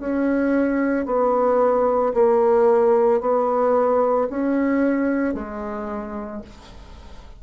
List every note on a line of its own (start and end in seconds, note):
0.00 1.06 C#4
1.06 2.13 B3
2.14 3.21 A#3
3.21 4.28 B3
4.30 5.35 C#4
5.35 6.42 G#3